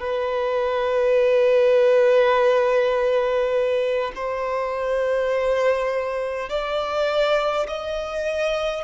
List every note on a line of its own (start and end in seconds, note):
0.00 4.12 B4
4.16 6.49 C5
6.49 7.67 D5
7.67 8.84 D#5